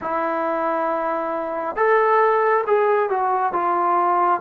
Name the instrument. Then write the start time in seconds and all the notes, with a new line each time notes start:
trombone
0.01 E4
1.76 A4
2.66 G#4
3.09 F#4
3.53 F4